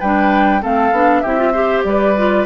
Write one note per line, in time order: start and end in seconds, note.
0.00 0.63 G3
0.00 0.62 D4
0.00 0.62 B4
0.00 0.63 G5
0.62 0.92 A3
0.62 0.93 C4
0.62 1.22 A4
0.62 1.20 F5
0.92 1.23 B3
0.92 1.26 D4
1.20 1.85 C4
1.20 1.38 E4
1.20 1.53 G4
1.20 1.82 E5
1.38 1.53 F4
1.53 2.16 G4
1.53 1.84 C5
1.84 2.46 G3
1.84 2.46 B4
1.84 2.46 D5
2.17 2.46 F4